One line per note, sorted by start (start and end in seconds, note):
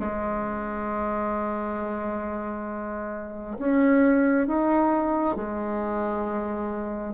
0.00 3.58 G#3
3.59 4.48 C#4
4.48 5.36 D#4
5.36 7.14 G#3